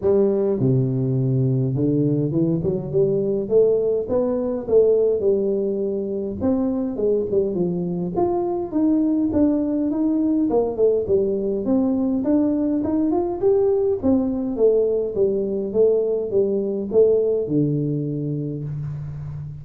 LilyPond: \new Staff \with { instrumentName = "tuba" } { \time 4/4 \tempo 4 = 103 g4 c2 d4 | e8 fis8 g4 a4 b4 | a4 g2 c'4 | gis8 g8 f4 f'4 dis'4 |
d'4 dis'4 ais8 a8 g4 | c'4 d'4 dis'8 f'8 g'4 | c'4 a4 g4 a4 | g4 a4 d2 | }